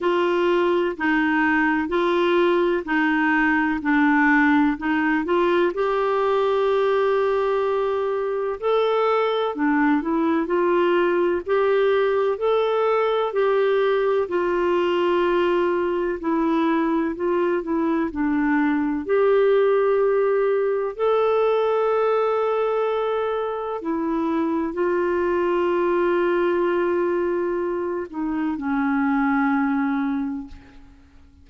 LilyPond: \new Staff \with { instrumentName = "clarinet" } { \time 4/4 \tempo 4 = 63 f'4 dis'4 f'4 dis'4 | d'4 dis'8 f'8 g'2~ | g'4 a'4 d'8 e'8 f'4 | g'4 a'4 g'4 f'4~ |
f'4 e'4 f'8 e'8 d'4 | g'2 a'2~ | a'4 e'4 f'2~ | f'4. dis'8 cis'2 | }